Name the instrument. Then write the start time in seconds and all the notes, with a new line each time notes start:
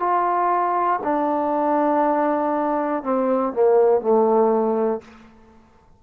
trombone
0.00 F4
1.04 D4
3.04 C4
3.54 A#3
4.02 A3